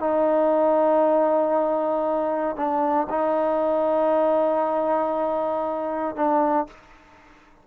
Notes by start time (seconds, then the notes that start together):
0.00 D#4
2.56 D4
3.10 D#4
6.16 D4